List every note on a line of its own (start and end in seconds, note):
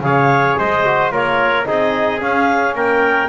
0.00 0.55 C#3
0.00 0.86 G#4
0.00 0.59 C#5
0.00 0.57 F5
0.57 1.13 G#3
0.57 1.12 C5
0.57 1.12 D#5
0.86 1.13 F#4
1.12 1.67 A#3
1.12 1.66 F4
1.12 1.67 A#4
1.12 1.66 C#5
1.66 2.22 C4
1.66 2.20 D#4
1.66 2.76 G#4
1.66 2.21 D#5
2.21 3.29 C#4
2.21 2.75 C#4
2.21 2.76 F5
2.75 3.29 A#3
2.75 3.29 A#4
2.75 3.29 G5